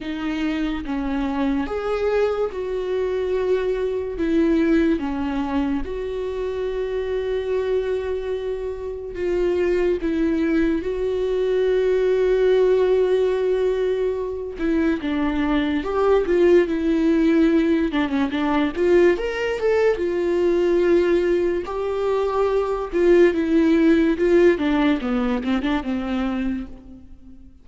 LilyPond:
\new Staff \with { instrumentName = "viola" } { \time 4/4 \tempo 4 = 72 dis'4 cis'4 gis'4 fis'4~ | fis'4 e'4 cis'4 fis'4~ | fis'2. f'4 | e'4 fis'2.~ |
fis'4. e'8 d'4 g'8 f'8 | e'4. d'16 cis'16 d'8 f'8 ais'8 a'8 | f'2 g'4. f'8 | e'4 f'8 d'8 b8 c'16 d'16 c'4 | }